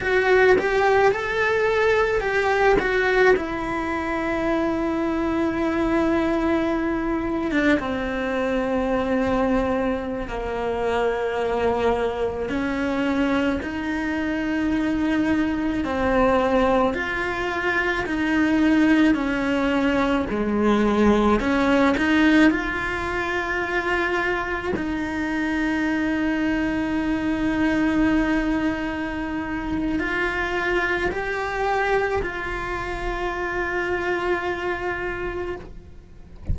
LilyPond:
\new Staff \with { instrumentName = "cello" } { \time 4/4 \tempo 4 = 54 fis'8 g'8 a'4 g'8 fis'8 e'4~ | e'2~ e'8. d'16 c'4~ | c'4~ c'16 ais2 cis'8.~ | cis'16 dis'2 c'4 f'8.~ |
f'16 dis'4 cis'4 gis4 cis'8 dis'16~ | dis'16 f'2 dis'4.~ dis'16~ | dis'2. f'4 | g'4 f'2. | }